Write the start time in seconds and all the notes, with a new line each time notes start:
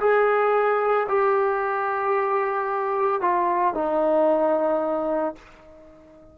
0.00 G#4
1.09 G4
3.21 F4
3.75 D#4